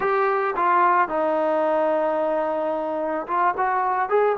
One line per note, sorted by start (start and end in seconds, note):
0.00 0.55 G4
0.56 1.08 F4
1.08 3.26 D#4
3.27 3.54 F4
3.57 4.09 F#4
4.09 4.36 G#4